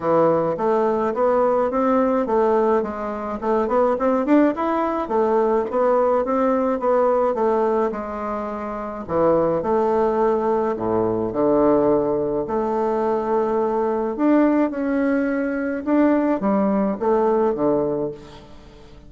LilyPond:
\new Staff \with { instrumentName = "bassoon" } { \time 4/4 \tempo 4 = 106 e4 a4 b4 c'4 | a4 gis4 a8 b8 c'8 d'8 | e'4 a4 b4 c'4 | b4 a4 gis2 |
e4 a2 a,4 | d2 a2~ | a4 d'4 cis'2 | d'4 g4 a4 d4 | }